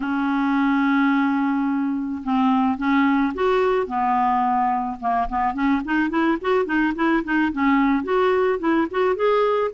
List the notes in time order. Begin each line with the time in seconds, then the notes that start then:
0.00 C#4
2.23 C4
2.77 C#4
3.34 F#4
3.86 B3
5.00 A#3
5.28 B3
5.54 C#4
5.85 D#4
6.09 E4
6.41 F#4
6.65 D#4
6.95 E4
7.24 D#4
7.52 C#4
8.03 F#4
8.59 E4
8.90 F#4
9.15 G#4